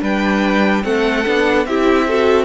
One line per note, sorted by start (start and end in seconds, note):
0.00 0.84 G3
0.00 0.83 D4
0.00 0.82 B4
0.00 0.84 G5
0.83 1.26 A3
0.83 1.24 C4
0.83 1.67 A4
0.83 1.66 F#5
1.25 1.65 B3
1.25 1.66 D4
1.65 2.45 C4
1.65 2.09 E4
1.65 2.07 G4
1.65 2.45 E5
2.07 2.45 F#4
2.07 2.45 A4